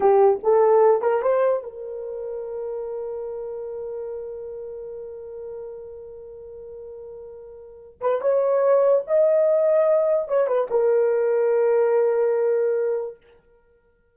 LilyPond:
\new Staff \with { instrumentName = "horn" } { \time 4/4 \tempo 4 = 146 g'4 a'4. ais'8 c''4 | ais'1~ | ais'1~ | ais'1~ |
ais'2.~ ais'8 b'8 | cis''2 dis''2~ | dis''4 cis''8 b'8 ais'2~ | ais'1 | }